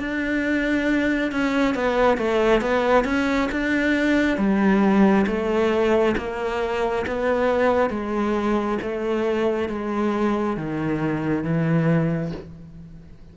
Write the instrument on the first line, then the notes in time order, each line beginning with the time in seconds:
cello
0.00 D4
1.32 C#4
1.75 B3
2.18 A3
2.61 B3
3.05 C#4
3.52 D4
4.38 G3
5.27 A3
6.17 A#3
7.07 B3
7.91 G#3
8.82 A3
9.69 G#3
10.57 D#3
11.44 E3